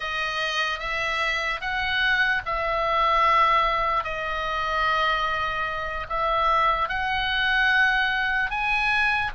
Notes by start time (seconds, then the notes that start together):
0.00 D#5
0.79 E5
1.60 F#5
2.45 E5
4.04 D#5
6.08 E5
6.88 F#5
8.50 G#5